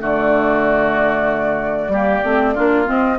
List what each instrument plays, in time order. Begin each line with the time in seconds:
0.00 bassoon D3, clarinet A3, oboe F#4, flute D5
1.88 bassoon G3, clarinet A#3, oboe G4
2.24 bassoon A3, clarinet C4
2.54 bassoon A#3, clarinet D4, oboe F4
2.85 clarinet C4, bassoon C4, flute D#5